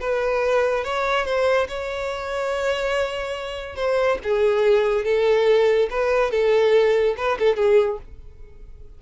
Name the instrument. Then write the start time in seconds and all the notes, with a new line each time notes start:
violin
0.00 B4
0.84 C#5
1.25 C5
1.68 C#5
3.76 C5
4.23 G#4
5.05 A4
5.90 B4
6.31 A4
7.17 B4
7.39 A4
7.56 G#4